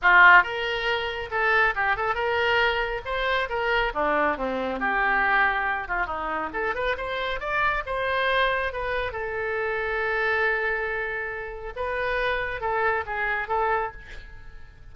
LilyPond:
\new Staff \with { instrumentName = "oboe" } { \time 4/4 \tempo 4 = 138 f'4 ais'2 a'4 | g'8 a'8 ais'2 c''4 | ais'4 d'4 c'4 g'4~ | g'4. f'8 dis'4 a'8 b'8 |
c''4 d''4 c''2 | b'4 a'2.~ | a'2. b'4~ | b'4 a'4 gis'4 a'4 | }